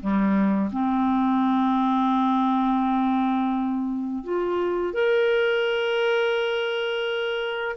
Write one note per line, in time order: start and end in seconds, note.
0.00 0.71 G3
0.72 4.24 C4
4.24 4.93 F4
4.93 7.76 A#4